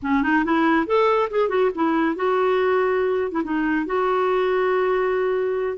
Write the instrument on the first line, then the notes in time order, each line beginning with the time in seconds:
clarinet
0.02 C#4
0.23 D#4
0.44 E4
0.86 A4
1.30 G#4
1.49 F#4
1.74 E4
2.15 F#4
3.31 E4
3.43 D#4
3.86 F#4